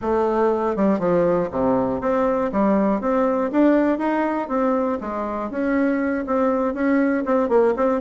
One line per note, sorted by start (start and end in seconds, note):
0.01 0.76 A3
0.76 0.99 G3
0.99 1.49 F3
1.51 2.00 C3
2.00 2.50 C4
2.52 3.00 G3
3.00 3.50 C4
3.51 3.98 D4
3.98 4.48 D#4
4.48 4.98 C4
5.00 5.50 G#3
5.50 6.25 C#4
6.26 6.74 C4
6.74 7.24 C#4
7.25 7.49 C4
7.49 7.74 A#3
7.76 8.00 C4